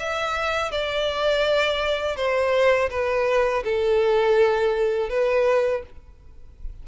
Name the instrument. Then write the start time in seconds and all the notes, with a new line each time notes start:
violin
0.00 E5
0.72 D5
2.17 C5
2.91 B4
3.65 A4
5.10 B4